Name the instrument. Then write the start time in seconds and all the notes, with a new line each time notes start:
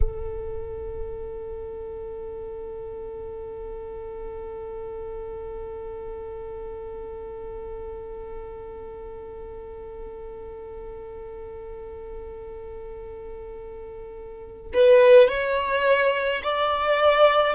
violin
0.00 A4
14.73 B4
15.28 C#5
16.43 D5